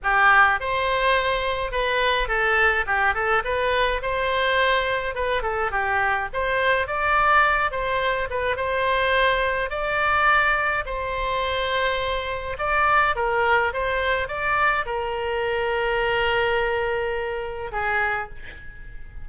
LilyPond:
\new Staff \with { instrumentName = "oboe" } { \time 4/4 \tempo 4 = 105 g'4 c''2 b'4 | a'4 g'8 a'8 b'4 c''4~ | c''4 b'8 a'8 g'4 c''4 | d''4. c''4 b'8 c''4~ |
c''4 d''2 c''4~ | c''2 d''4 ais'4 | c''4 d''4 ais'2~ | ais'2. gis'4 | }